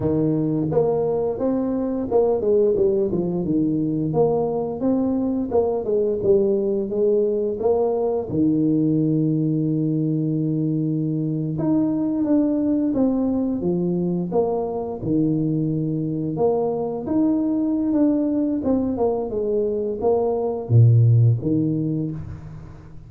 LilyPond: \new Staff \with { instrumentName = "tuba" } { \time 4/4 \tempo 4 = 87 dis4 ais4 c'4 ais8 gis8 | g8 f8 dis4 ais4 c'4 | ais8 gis8 g4 gis4 ais4 | dis1~ |
dis8. dis'4 d'4 c'4 f16~ | f8. ais4 dis2 ais16~ | ais8. dis'4~ dis'16 d'4 c'8 ais8 | gis4 ais4 ais,4 dis4 | }